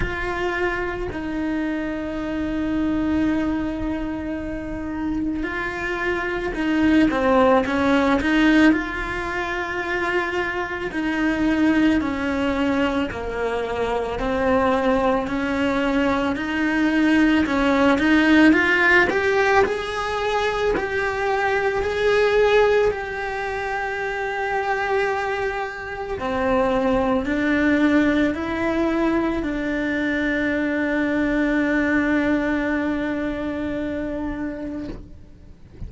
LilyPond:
\new Staff \with { instrumentName = "cello" } { \time 4/4 \tempo 4 = 55 f'4 dis'2.~ | dis'4 f'4 dis'8 c'8 cis'8 dis'8 | f'2 dis'4 cis'4 | ais4 c'4 cis'4 dis'4 |
cis'8 dis'8 f'8 g'8 gis'4 g'4 | gis'4 g'2. | c'4 d'4 e'4 d'4~ | d'1 | }